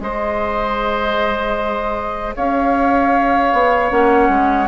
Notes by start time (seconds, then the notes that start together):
0.00 G#3 G#4 C5 D#5
2.36 C#4 C#5 F5
3.53 B3
3.90 A#3 C#4 F#5
4.29 G#3